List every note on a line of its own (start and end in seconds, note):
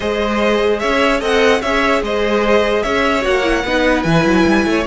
0.00 0.82 G#3
0.00 1.20 G#4
0.00 0.80 C5
0.00 0.79 D#5
0.79 1.21 C#4
0.79 1.20 C#5
0.79 1.20 E5
1.20 1.61 C4
1.20 1.60 A4
1.20 1.60 D#5
1.20 1.61 F#5
1.61 2.02 C#4
1.61 3.21 G#4
1.61 2.02 C#5
1.61 2.02 E5
2.02 2.83 G#3
2.02 2.82 C5
2.02 2.82 D#5
2.82 3.25 C#4
2.82 3.63 C#5
2.82 3.23 E5
3.21 3.64 A#3
3.21 3.42 F#4
3.21 4.02 F#5
3.42 3.63 E4
3.64 4.04 B3
3.64 4.04 D#4
3.64 4.67 B4
4.02 4.24 E3
4.02 4.85 E4
4.02 4.83 G#5
4.24 4.45 F#3
4.46 4.64 G3
4.64 4.85 A3
4.64 4.86 C#5